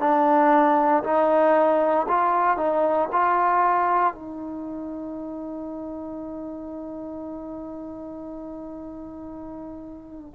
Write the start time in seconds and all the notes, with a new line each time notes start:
0.00 D4
1.04 D#4
2.08 F4
2.57 D#4
3.13 F4
4.14 D#4